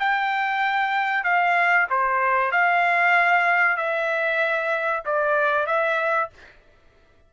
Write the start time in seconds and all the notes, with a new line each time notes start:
0.00 G5
1.24 F5
1.90 C5
2.52 F5
3.77 E5
5.05 D5
5.67 E5